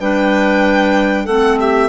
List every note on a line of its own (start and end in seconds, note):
0.00 1.26 G3
0.00 1.28 D4
0.00 1.25 B4
0.00 1.26 G5
1.25 1.89 A3
1.25 1.89 C4
1.25 1.57 A4
1.25 1.58 F#5
1.59 1.89 G4
1.59 1.89 E5